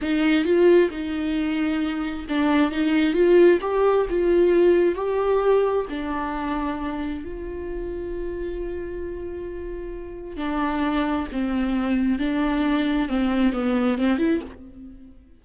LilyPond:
\new Staff \with { instrumentName = "viola" } { \time 4/4 \tempo 4 = 133 dis'4 f'4 dis'2~ | dis'4 d'4 dis'4 f'4 | g'4 f'2 g'4~ | g'4 d'2. |
f'1~ | f'2. d'4~ | d'4 c'2 d'4~ | d'4 c'4 b4 c'8 e'8 | }